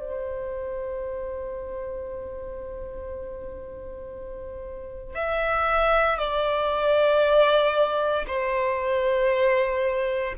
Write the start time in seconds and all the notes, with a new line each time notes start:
0.00 C5
5.15 E5
6.19 D5
8.28 C5